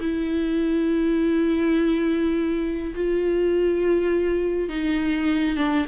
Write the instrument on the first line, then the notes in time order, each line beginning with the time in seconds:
viola
0.00 E4
2.95 F4
4.69 D#4
5.56 D4